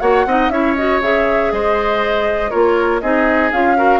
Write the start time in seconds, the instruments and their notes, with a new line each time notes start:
0.00 bassoon A#3, clarinet F#4, oboe C#5, flute F#5
0.26 bassoon C4, clarinet D#4, oboe D#5
0.49 bassoon C#4, clarinet E4, oboe C#5, flute E5
0.76 clarinet F#4, flute D#5
1.02 bassoon C#3, clarinet G#4, flute E5
1.52 bassoon G#3, oboe C5, flute D#5
2.50 bassoon A#3, clarinet F4, oboe A#4, flute C#5
3.01 bassoon C4, clarinet D#4, oboe G#4, flute D#5
3.52 bassoon C#4, clarinet F4, flute F5
3.76 clarinet F#4, oboe A#4